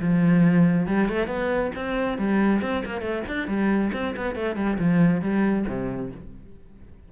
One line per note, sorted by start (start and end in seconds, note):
0.00 0.87 F3
0.87 1.08 G3
1.08 1.27 A3
1.27 1.71 B3
1.75 2.18 C4
2.18 2.62 G3
2.62 2.83 C4
2.85 3.01 A#3
3.01 3.23 A3
3.28 3.48 D4
3.48 3.91 G3
3.93 4.15 C4
4.16 4.35 B3
4.35 4.56 A3
4.56 4.78 G3
4.79 5.22 F3
5.22 5.65 G3
5.68 6.12 C3